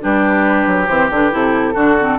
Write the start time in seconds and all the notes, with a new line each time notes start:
0.00 G3 D4 G4 B4
0.67 F#3
0.87 E3 C4 C5
1.10 D3 D4 B4
1.31 C3 E4 A4
1.74 D3 D4 F#4
2.00 C4